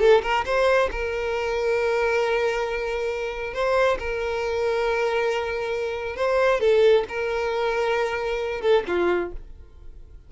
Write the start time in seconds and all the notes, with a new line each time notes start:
0.00 A4
0.23 A#4
0.45 C5
0.91 A#4
3.54 C5
3.99 A#4
6.16 C5
6.60 A4
7.08 A#4
8.62 A4
8.88 F4